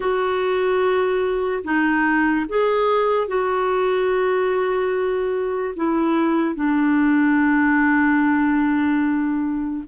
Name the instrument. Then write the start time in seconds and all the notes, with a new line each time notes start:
clarinet
0.00 F#4
1.64 D#4
2.48 G#4
3.27 F#4
5.75 E4
6.55 D4